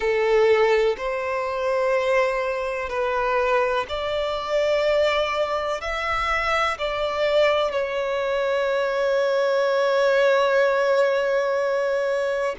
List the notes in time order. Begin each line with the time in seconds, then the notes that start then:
0.00 A4
0.97 C5
2.89 B4
3.88 D5
5.81 E5
6.78 D5
7.72 C#5